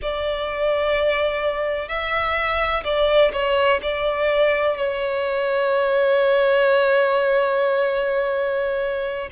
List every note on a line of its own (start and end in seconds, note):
0.02 1.88 D5
1.88 2.83 E5
2.84 3.31 D5
3.32 3.80 C#5
3.82 4.77 D5
4.77 9.29 C#5